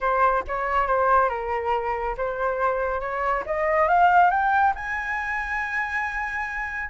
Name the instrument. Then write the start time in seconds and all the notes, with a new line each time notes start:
flute
0.00 C5
0.47 C#5
0.87 C5
1.29 A#4
2.17 C5
3.00 C#5
3.46 D#5
3.88 F5
4.30 G5
4.75 G#5